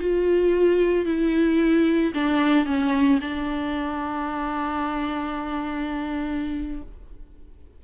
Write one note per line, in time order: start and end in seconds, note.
0.00 1.05 F4
1.05 2.13 E4
2.15 2.66 D4
2.66 3.19 C#4
3.21 6.83 D4